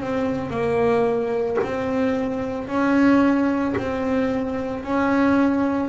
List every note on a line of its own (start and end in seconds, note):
0.00 0.50 C4
0.50 1.57 A#3
1.63 2.67 C4
2.67 3.75 C#4
3.77 4.83 C4
4.83 5.89 C#4